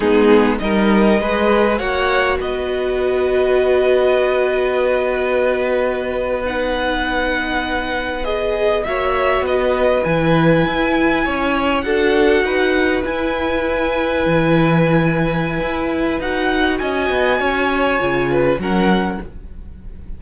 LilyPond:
<<
  \new Staff \with { instrumentName = "violin" } { \time 4/4 \tempo 4 = 100 gis'4 dis''2 fis''4 | dis''1~ | dis''2~ dis''8. fis''4~ fis''16~ | fis''4.~ fis''16 dis''4 e''4 dis''16~ |
dis''8. gis''2. fis''16~ | fis''4.~ fis''16 gis''2~ gis''16~ | gis''2. fis''4 | gis''2. fis''4 | }
  \new Staff \with { instrumentName = "violin" } { \time 4/4 dis'4 ais'4 b'4 cis''4 | b'1~ | b'1~ | b'2~ b'8. cis''4 b'16~ |
b'2~ b'8. cis''4 a'16~ | a'8. b'2.~ b'16~ | b'1 | dis''4 cis''4. b'8 ais'4 | }
  \new Staff \with { instrumentName = "viola" } { \time 4/4 b4 dis'4 gis'4 fis'4~ | fis'1~ | fis'2~ fis'8. dis'4~ dis'16~ | dis'4.~ dis'16 gis'4 fis'4~ fis'16~ |
fis'8. e'2. fis'16~ | fis'4.~ fis'16 e'2~ e'16~ | e'2. fis'4~ | fis'2 f'4 cis'4 | }
  \new Staff \with { instrumentName = "cello" } { \time 4/4 gis4 g4 gis4 ais4 | b1~ | b1~ | b2~ b8. ais4 b16~ |
b8. e4 e'4 cis'4 d'16~ | d'8. dis'4 e'2 e16~ | e2 e'4 dis'4 | cis'8 b8 cis'4 cis4 fis4 | }
>>